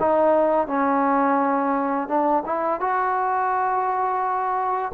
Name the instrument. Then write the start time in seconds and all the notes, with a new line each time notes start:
trombone
0.00 D#4
0.67 C#4
2.08 D4
2.46 E4
2.81 F#4